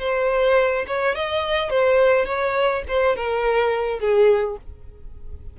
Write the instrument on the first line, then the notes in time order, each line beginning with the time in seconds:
violin
0.00 C5
0.88 C#5
1.16 D#5
1.70 C5
2.26 C#5
2.88 C5
3.16 A#4
4.00 G#4